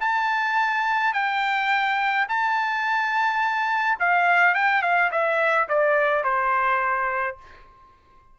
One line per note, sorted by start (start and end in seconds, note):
0.00 1.13 A5
1.13 2.26 G5
2.28 3.98 A5
3.99 4.54 F5
4.54 4.82 G5
4.82 5.10 F5
5.11 5.68 E5
5.68 6.23 D5
6.23 7.37 C5